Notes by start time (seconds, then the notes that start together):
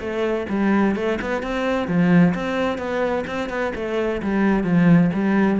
0.00 A3
0.49 G3
0.96 A3
1.21 B3
1.42 C4
1.88 F3
2.35 C4
2.78 B3
3.27 C4
3.49 B3
3.75 A3
4.23 G3
4.64 F3
5.14 G3